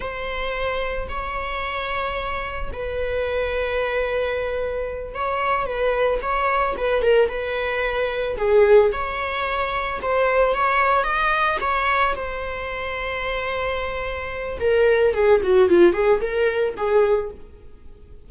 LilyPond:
\new Staff \with { instrumentName = "viola" } { \time 4/4 \tempo 4 = 111 c''2 cis''2~ | cis''4 b'2.~ | b'4. cis''4 b'4 cis''8~ | cis''8 b'8 ais'8 b'2 gis'8~ |
gis'8 cis''2 c''4 cis''8~ | cis''8 dis''4 cis''4 c''4.~ | c''2. ais'4 | gis'8 fis'8 f'8 gis'8 ais'4 gis'4 | }